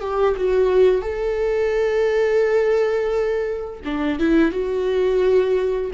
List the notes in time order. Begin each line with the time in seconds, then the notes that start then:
0.00 G4
0.36 F#4
1.01 A4
3.84 D4
4.19 E4
4.52 F#4